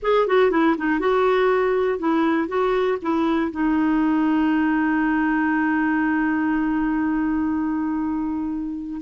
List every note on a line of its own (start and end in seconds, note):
0.02 0.27 G#4
0.27 0.50 F#4
0.50 0.75 E4
0.77 0.99 D#4
0.99 1.98 F#4
1.98 2.48 E4
2.48 2.98 F#4
3.02 3.51 E4
3.51 9.01 D#4